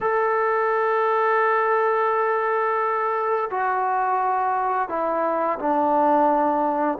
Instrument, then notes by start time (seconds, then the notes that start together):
trombone
0.00 A4
3.50 F#4
4.88 E4
5.58 D4